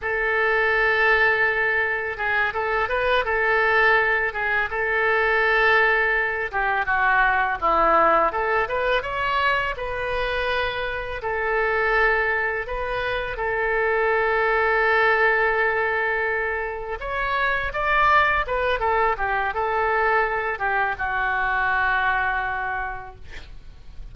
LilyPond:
\new Staff \with { instrumentName = "oboe" } { \time 4/4 \tempo 4 = 83 a'2. gis'8 a'8 | b'8 a'4. gis'8 a'4.~ | a'4 g'8 fis'4 e'4 a'8 | b'8 cis''4 b'2 a'8~ |
a'4. b'4 a'4.~ | a'2.~ a'8 cis''8~ | cis''8 d''4 b'8 a'8 g'8 a'4~ | a'8 g'8 fis'2. | }